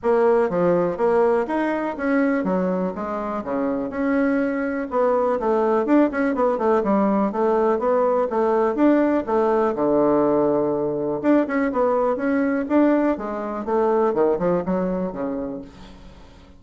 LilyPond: \new Staff \with { instrumentName = "bassoon" } { \time 4/4 \tempo 4 = 123 ais4 f4 ais4 dis'4 | cis'4 fis4 gis4 cis4 | cis'2 b4 a4 | d'8 cis'8 b8 a8 g4 a4 |
b4 a4 d'4 a4 | d2. d'8 cis'8 | b4 cis'4 d'4 gis4 | a4 dis8 f8 fis4 cis4 | }